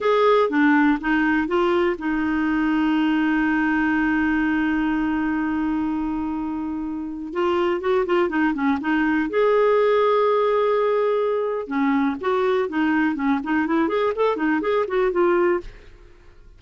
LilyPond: \new Staff \with { instrumentName = "clarinet" } { \time 4/4 \tempo 4 = 123 gis'4 d'4 dis'4 f'4 | dis'1~ | dis'1~ | dis'2. f'4 |
fis'8 f'8 dis'8 cis'8 dis'4 gis'4~ | gis'1 | cis'4 fis'4 dis'4 cis'8 dis'8 | e'8 gis'8 a'8 dis'8 gis'8 fis'8 f'4 | }